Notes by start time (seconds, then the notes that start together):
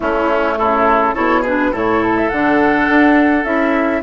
0.00 A3 C#4 E4
0.57 C#3 E4 A4
1.14 B2 E4 A4 C#5
1.41 D4 G#4 B4
1.72 A2 E4 A4 C#5
2.02 A4
2.16 E5
2.29 D3 D4 F#5
2.88 D4
3.44 C#4 E4 E5